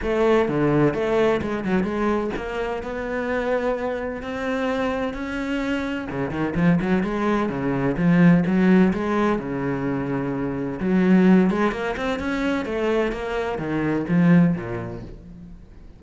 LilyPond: \new Staff \with { instrumentName = "cello" } { \time 4/4 \tempo 4 = 128 a4 d4 a4 gis8 fis8 | gis4 ais4 b2~ | b4 c'2 cis'4~ | cis'4 cis8 dis8 f8 fis8 gis4 |
cis4 f4 fis4 gis4 | cis2. fis4~ | fis8 gis8 ais8 c'8 cis'4 a4 | ais4 dis4 f4 ais,4 | }